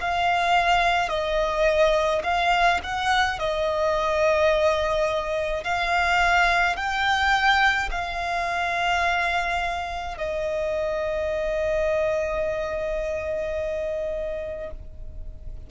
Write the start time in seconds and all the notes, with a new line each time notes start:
0.00 F5
1.09 D#5
2.23 F5
2.83 F#5
3.39 D#5
5.63 F5
6.76 G5
7.90 F5
10.17 D#5